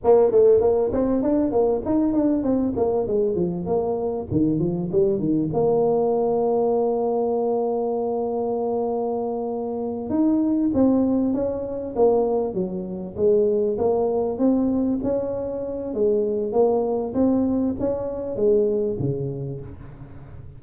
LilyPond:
\new Staff \with { instrumentName = "tuba" } { \time 4/4 \tempo 4 = 98 ais8 a8 ais8 c'8 d'8 ais8 dis'8 d'8 | c'8 ais8 gis8 f8 ais4 dis8 f8 | g8 dis8 ais2.~ | ais1~ |
ais8 dis'4 c'4 cis'4 ais8~ | ais8 fis4 gis4 ais4 c'8~ | c'8 cis'4. gis4 ais4 | c'4 cis'4 gis4 cis4 | }